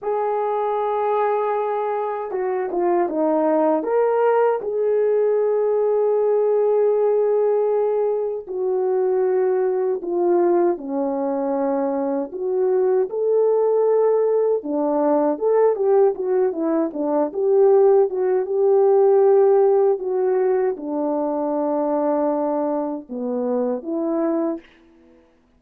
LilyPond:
\new Staff \with { instrumentName = "horn" } { \time 4/4 \tempo 4 = 78 gis'2. fis'8 f'8 | dis'4 ais'4 gis'2~ | gis'2. fis'4~ | fis'4 f'4 cis'2 |
fis'4 a'2 d'4 | a'8 g'8 fis'8 e'8 d'8 g'4 fis'8 | g'2 fis'4 d'4~ | d'2 b4 e'4 | }